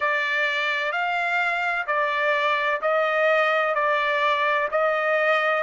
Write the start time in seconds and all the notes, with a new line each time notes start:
0.00 D5
0.92 F5
1.87 D5
2.81 D#5
3.74 D5
4.71 D#5